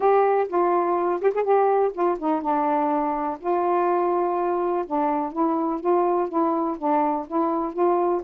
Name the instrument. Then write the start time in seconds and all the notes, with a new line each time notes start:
saxophone
0.00 G4
0.48 F4
1.21 G4
1.34 G#4
1.43 G4
1.93 F4
2.18 D#4
2.41 D4
3.40 F4
4.86 D4
5.32 E4
5.80 F4
6.28 E4
6.77 D4
7.27 E4
7.73 F4